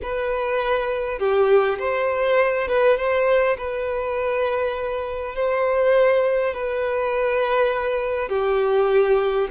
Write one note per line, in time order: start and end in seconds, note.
0.02 1.19 B4
1.19 1.78 G4
1.78 2.67 C5
2.67 2.97 B4
2.97 3.56 C5
3.57 5.35 B4
5.35 6.53 C5
6.53 8.29 B4
8.29 9.48 G4